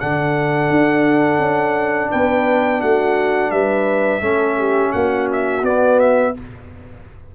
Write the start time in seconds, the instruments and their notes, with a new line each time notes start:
0.00 tuba D3, trombone D4, horn A4, trumpet F#5
0.70 tuba D4
1.39 tuba C#4
2.11 tuba B3, horn B4, trumpet G5
2.81 tuba A3, horn F#4, trumpet F#5
3.51 tuba G3, horn B4, trumpet E5
4.21 tuba A3, trombone C#4, horn A4
4.59 horn G4
4.92 tuba A#3, horn F#4, trumpet F#5
5.33 trumpet E5
5.62 tuba B3, trombone B3, trumpet D5
6.00 trumpet E5